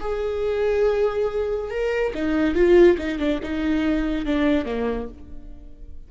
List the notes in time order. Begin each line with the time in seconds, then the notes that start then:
0.00 G#4
1.71 A#4
2.14 D#4
2.55 F4
2.98 D#4
3.19 D4
3.43 D#4
4.25 D4
4.65 A#3